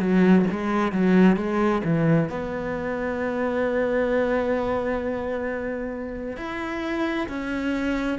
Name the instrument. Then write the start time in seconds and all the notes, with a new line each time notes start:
cello
0.00 F#3
0.52 G#3
0.93 F#3
1.37 G#3
1.85 E3
2.30 B3
6.37 E4
7.29 C#4